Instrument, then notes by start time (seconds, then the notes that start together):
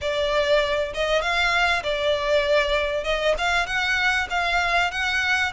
violin
0.01 D5
0.94 D#5
1.21 F5
1.83 D5
3.04 D#5
3.38 F5
3.66 F#5
4.29 F5
4.91 F#5